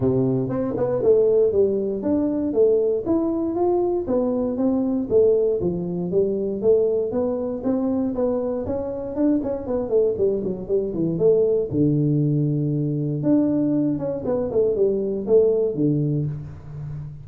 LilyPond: \new Staff \with { instrumentName = "tuba" } { \time 4/4 \tempo 4 = 118 c4 c'8 b8 a4 g4 | d'4 a4 e'4 f'4 | b4 c'4 a4 f4 | g4 a4 b4 c'4 |
b4 cis'4 d'8 cis'8 b8 a8 | g8 fis8 g8 e8 a4 d4~ | d2 d'4. cis'8 | b8 a8 g4 a4 d4 | }